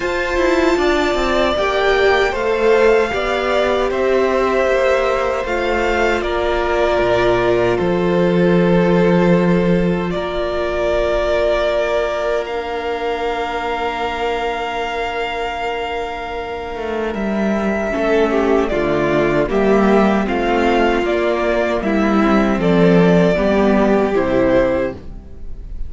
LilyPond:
<<
  \new Staff \with { instrumentName = "violin" } { \time 4/4 \tempo 4 = 77 a''2 g''4 f''4~ | f''4 e''2 f''4 | d''2 c''2~ | c''4 d''2. |
f''1~ | f''2 e''2 | d''4 e''4 f''4 d''4 | e''4 d''2 c''4 | }
  \new Staff \with { instrumentName = "violin" } { \time 4/4 c''4 d''2 c''4 | d''4 c''2. | ais'2 a'2~ | a'4 ais'2.~ |
ais'1~ | ais'2. a'8 g'8 | f'4 g'4 f'2 | e'4 a'4 g'2 | }
  \new Staff \with { instrumentName = "viola" } { \time 4/4 f'2 g'4 a'4 | g'2. f'4~ | f'1~ | f'1 |
d'1~ | d'2. cis'4 | a4 ais4 c'4 ais4~ | ais8 c'4. b4 e'4 | }
  \new Staff \with { instrumentName = "cello" } { \time 4/4 f'8 e'8 d'8 c'8 ais4 a4 | b4 c'4 ais4 a4 | ais4 ais,4 f2~ | f4 ais2.~ |
ais1~ | ais4. a8 g4 a4 | d4 g4 a4 ais4 | g4 f4 g4 c4 | }
>>